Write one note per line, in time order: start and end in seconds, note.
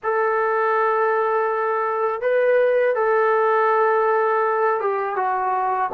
0.03 2.21 A4
2.21 2.95 B4
2.95 4.80 A4
4.80 5.15 G4
5.15 5.90 F#4